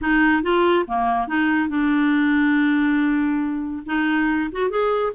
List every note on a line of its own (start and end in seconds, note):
0.01 0.42 D#4
0.42 0.85 F4
0.87 1.27 A#3
1.27 1.69 D#4
1.69 3.83 D4
3.86 4.50 D#4
4.52 4.70 F#4
4.70 5.13 G#4